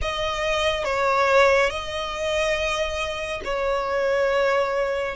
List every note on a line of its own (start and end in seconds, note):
0.01 0.84 D#5
0.84 1.69 C#5
1.69 3.41 D#5
3.44 5.15 C#5